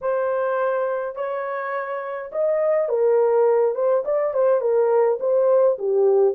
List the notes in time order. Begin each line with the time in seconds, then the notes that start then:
0.01 C5
1.15 C#5
2.32 D#5
2.88 A#4
3.74 C5
4.05 D5
4.33 C5
4.60 A#4
5.19 C5
5.78 G4